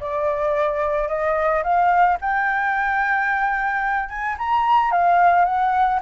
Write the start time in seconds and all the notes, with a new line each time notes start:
0.00 D5
1.08 D#5
1.63 F5
2.21 G5
4.09 G#5
4.38 A#5
4.91 F5
5.45 F#5